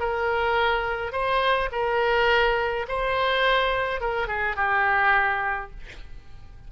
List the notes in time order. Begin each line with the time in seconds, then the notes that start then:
0.00 A#4
1.12 C5
1.72 A#4
2.88 C5
4.01 A#4
4.28 G#4
4.56 G4